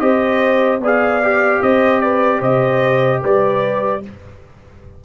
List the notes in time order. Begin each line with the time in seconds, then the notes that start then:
0.00 C4 G4 C5 D#5
0.80 B3 G#4 D5
0.87 F5
1.23 G4
1.63 C4 C5 D#5
2.01 B4 D5
2.40 C3 C5 D#5
3.23 G3 B4 D5